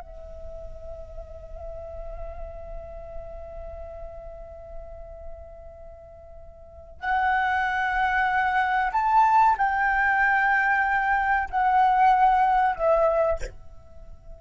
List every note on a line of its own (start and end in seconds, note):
0.00 7.00 E5
7.00 8.92 F#5
8.92 9.56 A5
9.58 11.49 G5
11.51 12.75 F#5
12.75 13.39 E5